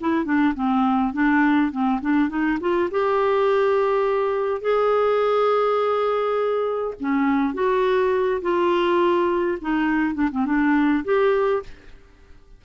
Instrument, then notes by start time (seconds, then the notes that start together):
clarinet
0.00 E4
0.25 D4
0.55 C4
1.13 D4
1.71 C4
2.01 D4
2.29 D#4
2.60 F4
2.90 G4
4.61 G#4
7.00 C#4
7.54 F#4
8.41 F4
9.61 D#4
10.14 D4
10.31 C4
10.45 D4
11.04 G4